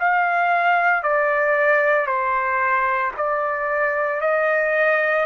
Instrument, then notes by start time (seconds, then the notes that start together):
trumpet
0.00 F5
1.03 D5
2.07 C5
3.17 D5
4.21 D#5